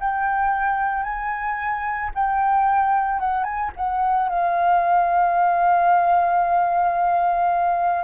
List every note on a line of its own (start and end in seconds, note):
0.00 1.03 G5
1.03 2.10 G#5
2.15 3.19 G5
3.19 3.44 F#5
3.44 3.71 G#5
3.76 4.29 F#5
4.29 8.04 F5